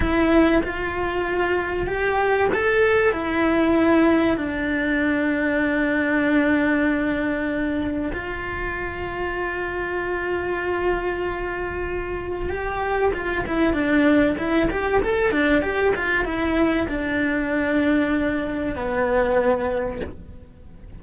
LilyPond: \new Staff \with { instrumentName = "cello" } { \time 4/4 \tempo 4 = 96 e'4 f'2 g'4 | a'4 e'2 d'4~ | d'1~ | d'4 f'2.~ |
f'1 | g'4 f'8 e'8 d'4 e'8 g'8 | a'8 d'8 g'8 f'8 e'4 d'4~ | d'2 b2 | }